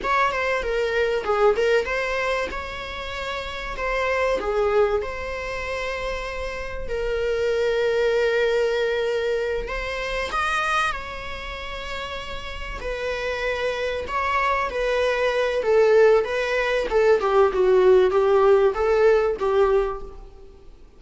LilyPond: \new Staff \with { instrumentName = "viola" } { \time 4/4 \tempo 4 = 96 cis''8 c''8 ais'4 gis'8 ais'8 c''4 | cis''2 c''4 gis'4 | c''2. ais'4~ | ais'2.~ ais'8 c''8~ |
c''8 dis''4 cis''2~ cis''8~ | cis''8 b'2 cis''4 b'8~ | b'4 a'4 b'4 a'8 g'8 | fis'4 g'4 a'4 g'4 | }